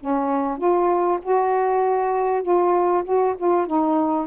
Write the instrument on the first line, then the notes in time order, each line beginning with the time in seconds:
saxophone
0.00 C#4
0.58 F4
1.22 F#4
2.43 F4
3.05 F#4
3.38 F4
3.67 D#4